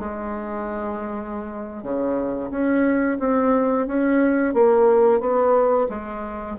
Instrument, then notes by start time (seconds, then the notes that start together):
bassoon
0.00 G#3
1.83 C#3
2.51 C#4
3.20 C4
3.87 C#4
4.54 A#3
5.20 B3
5.90 G#3